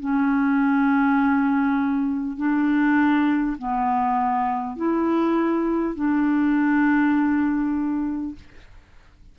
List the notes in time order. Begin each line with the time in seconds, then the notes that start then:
0.00 C#4
2.37 D4
3.58 B3
4.76 E4
5.95 D4